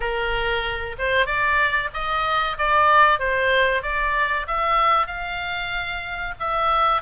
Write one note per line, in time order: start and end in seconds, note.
0.00 0.96 A#4
0.98 1.26 C5
1.26 1.89 D5
1.93 2.57 D#5
2.57 3.19 D5
3.19 3.82 C5
3.82 4.46 D5
4.47 5.07 E5
5.07 6.34 F5
6.39 7.01 E5